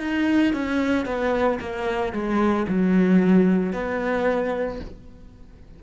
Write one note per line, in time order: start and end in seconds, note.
0.00 0.54 D#4
0.54 1.06 C#4
1.06 1.60 B3
1.60 2.13 A#3
2.13 2.67 G#3
2.68 3.73 F#3
3.73 4.80 B3